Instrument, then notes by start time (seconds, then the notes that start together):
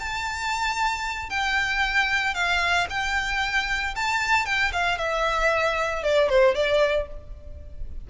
violin
0.00 A5
1.30 G5
2.34 F5
2.90 G5
3.96 A5
4.46 G5
4.72 F5
4.98 E5
6.03 D5
6.29 C5
6.55 D5